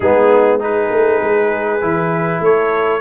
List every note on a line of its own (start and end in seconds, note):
0.00 0.89 G#3
0.00 0.59 B3
0.00 0.61 D#4
0.00 0.60 G#4
0.59 1.80 D#4
0.59 2.43 G#4
0.59 2.43 B4
0.90 1.20 A3
1.21 1.82 G#3
1.81 2.40 E3
1.81 3.00 E4
2.40 3.00 A3
2.40 3.00 A4
2.40 3.00 C#5